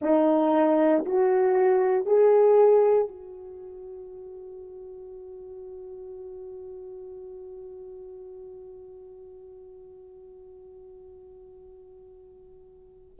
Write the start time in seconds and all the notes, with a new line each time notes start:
0.01 D#4
1.05 F#4
2.05 G#4
3.08 F#4